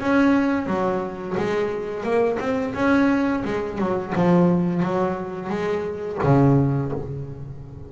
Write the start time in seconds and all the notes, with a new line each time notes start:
0.00 C#4
0.66 F#3
1.37 G#3
2.03 A#3
2.39 C4
2.74 C#4
3.45 G#3
3.78 F#3
4.15 F3
4.82 F#3
5.49 G#3
6.23 C#3